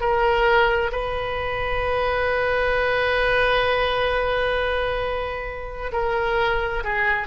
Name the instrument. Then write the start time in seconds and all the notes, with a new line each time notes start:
oboe
0.00 A#4
0.92 B4
5.92 A#4
6.84 G#4